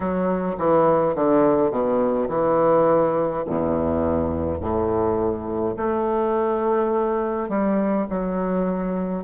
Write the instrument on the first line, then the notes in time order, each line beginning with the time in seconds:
bassoon
0.00 F#3
0.58 E3
1.15 D3
1.70 B2
2.28 E3
3.46 E2
4.60 A2
5.76 A3
7.48 G3
8.09 F#3